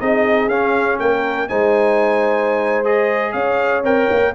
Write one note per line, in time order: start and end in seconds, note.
0.00 0.48 C4
0.00 0.50 D#4
0.00 0.99 G#4
0.00 0.49 D#5
0.48 0.97 C#4
0.48 1.49 C#4
0.48 0.98 F5
0.99 1.49 A#3
0.99 1.49 A#4
0.99 1.49 G5
1.49 3.34 G#3
1.49 2.85 D#4
1.49 3.34 C5
1.49 2.85 G#5
2.85 3.84 G#4
2.85 3.33 D#5
3.33 3.83 C#4
3.33 4.33 C#5
3.33 3.82 F5
3.83 4.08 C4
3.83 4.34 A#4
3.83 4.35 G5
4.11 4.35 A#3